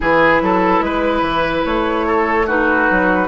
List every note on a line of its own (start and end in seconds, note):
0.00 0.41 E3
0.00 2.46 E4
0.00 0.41 G#4
0.00 1.65 B4
0.41 0.80 F#3
0.41 0.84 A4
0.80 1.21 G#3
0.80 2.06 B4
1.21 1.62 E3
1.65 2.89 A3
1.65 2.47 C#5
2.06 2.46 A4
2.46 3.28 D#4
2.46 3.28 F#4
2.46 3.28 B4
2.90 3.28 F#3